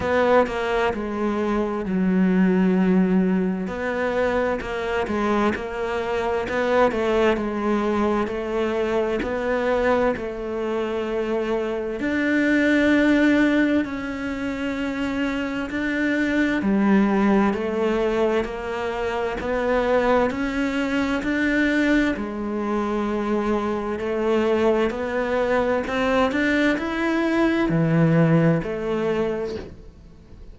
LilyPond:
\new Staff \with { instrumentName = "cello" } { \time 4/4 \tempo 4 = 65 b8 ais8 gis4 fis2 | b4 ais8 gis8 ais4 b8 a8 | gis4 a4 b4 a4~ | a4 d'2 cis'4~ |
cis'4 d'4 g4 a4 | ais4 b4 cis'4 d'4 | gis2 a4 b4 | c'8 d'8 e'4 e4 a4 | }